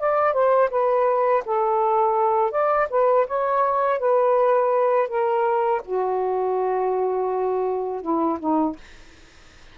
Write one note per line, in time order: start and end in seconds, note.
0.00 0.34 D5
0.34 0.70 C5
0.71 1.44 B4
1.46 2.52 A4
2.52 2.88 D5
2.91 3.27 B4
3.28 4.00 C#5
4.00 5.09 B4
5.09 5.82 A#4
5.86 8.02 F#4
8.02 8.39 E4
8.40 8.76 D#4